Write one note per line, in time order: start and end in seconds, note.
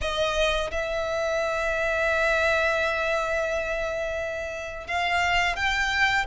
0.01 0.70 D#5
0.71 4.87 E5
4.87 5.56 F5
5.56 6.25 G5